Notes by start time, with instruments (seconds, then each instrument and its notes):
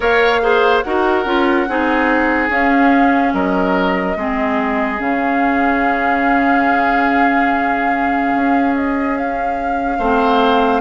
0.00 bassoon A#3, clarinet A#4, oboe C#5, flute F5
0.41 clarinet G#4, oboe C5
0.82 bassoon D#4, clarinet F#4, oboe A#4, flute F#5
1.25 bassoon C#4, clarinet F4
1.68 bassoon C4, clarinet D#4, oboe G#4
2.49 bassoon C#4, clarinet C#4, flute F5
3.33 bassoon F#3, oboe A#4, flute D#5
4.16 bassoon G#3, clarinet C4, oboe G#4
4.96 bassoon C#3, clarinet C#4, flute F5
8.35 bassoon C#4
8.75 flute D#5
9.17 flute F5
9.98 bassoon A3, clarinet C4, oboe C5